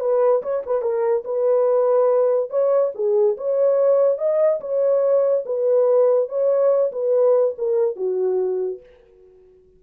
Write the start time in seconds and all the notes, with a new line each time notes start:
0.00 B4
0.42 C#5
0.66 B4
0.82 A#4
1.24 B4
2.50 C#5
2.95 G#4
3.37 C#5
4.18 D#5
4.60 C#5
5.46 B4
6.29 C#5
6.92 B4
7.58 A#4
7.96 F#4